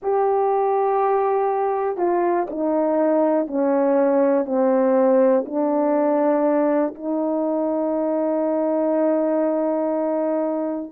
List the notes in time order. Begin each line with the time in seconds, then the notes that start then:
0.02 G4
1.97 F4
2.50 D#4
3.47 C#4
4.45 C4
5.45 D4
6.94 D#4